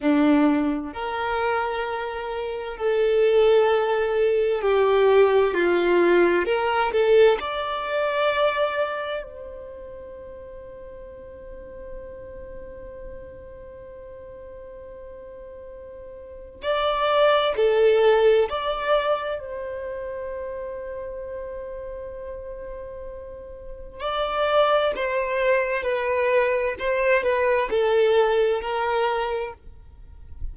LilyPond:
\new Staff \with { instrumentName = "violin" } { \time 4/4 \tempo 4 = 65 d'4 ais'2 a'4~ | a'4 g'4 f'4 ais'8 a'8 | d''2 c''2~ | c''1~ |
c''2 d''4 a'4 | d''4 c''2.~ | c''2 d''4 c''4 | b'4 c''8 b'8 a'4 ais'4 | }